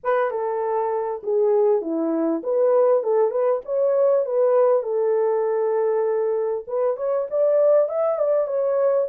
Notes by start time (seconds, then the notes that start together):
0.03 B4
0.31 A4
1.23 G#4
1.81 E4
2.43 B4
3.03 A4
3.30 B4
3.65 C#5
4.25 B4
4.83 A4
6.67 B4
6.97 C#5
7.30 D5
7.88 E5
8.18 D5
8.47 C#5